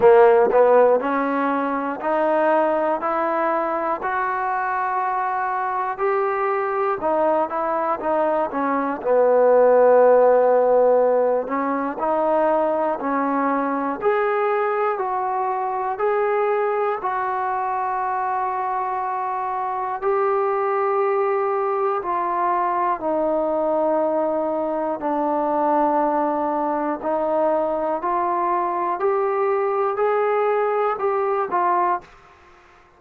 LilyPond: \new Staff \with { instrumentName = "trombone" } { \time 4/4 \tempo 4 = 60 ais8 b8 cis'4 dis'4 e'4 | fis'2 g'4 dis'8 e'8 | dis'8 cis'8 b2~ b8 cis'8 | dis'4 cis'4 gis'4 fis'4 |
gis'4 fis'2. | g'2 f'4 dis'4~ | dis'4 d'2 dis'4 | f'4 g'4 gis'4 g'8 f'8 | }